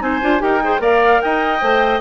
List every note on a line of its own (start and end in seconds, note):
0.00 0.21 C4
0.00 0.20 D#4
0.00 0.42 C5
0.00 0.41 G#5
0.22 0.41 D4
0.22 0.40 F4
0.40 0.80 D#4
0.40 0.60 G4
0.40 0.63 A#4
0.40 0.82 G5
0.63 0.79 G#4
0.63 0.81 C5
0.79 1.20 A#3
0.79 1.59 A#4
0.79 1.21 D5
0.79 1.21 F5
1.21 1.62 D#4
1.21 2.01 D#5
1.21 2.01 G5
1.61 2.01 A3
1.61 2.01 C5